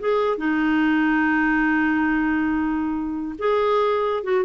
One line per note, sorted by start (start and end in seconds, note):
0.00 0.38 G#4
0.38 3.35 D#4
3.39 4.24 G#4
4.24 4.45 F#4